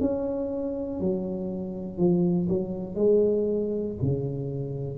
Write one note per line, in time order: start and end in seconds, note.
0.00 1.00 C#4
1.00 1.97 F#3
1.97 2.47 F3
2.49 2.95 F#3
2.95 3.95 G#3
4.02 4.98 C#3